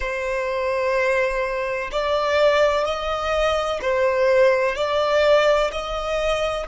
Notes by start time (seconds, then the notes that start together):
0.00 C5
1.91 D5
2.84 D#5
3.81 C5
4.75 D5
5.71 D#5